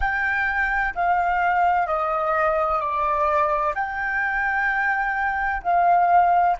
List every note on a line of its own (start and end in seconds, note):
0.00 0.94 G5
0.95 1.87 F5
1.87 2.80 D#5
2.80 3.74 D5
3.74 5.62 G5
5.62 6.56 F5